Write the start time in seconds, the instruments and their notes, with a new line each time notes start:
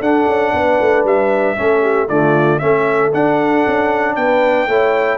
0.00 tuba D4, trombone D4, horn A4, trumpet F#5
0.27 tuba C#4
0.53 tuba B3, horn B4
0.81 tuba A3
1.04 tuba G3, trumpet E5
1.56 tuba A3, trombone C#4, horn A4
1.81 horn G4
2.08 tuba D3, trombone A3, horn F4, trumpet D5
2.59 tuba A3, trombone C#4, horn A4, trumpet E5
3.13 trombone D4, tuba D4, trumpet F#5
3.66 tuba C#4
4.16 tuba B3, horn B4, trumpet G5
4.67 tuba A3, trombone E4, horn C#5